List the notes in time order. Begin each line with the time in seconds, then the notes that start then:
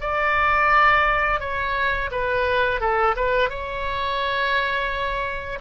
0.00 D5
1.40 C#5
2.11 B4
2.80 A4
3.16 B4
3.49 C#5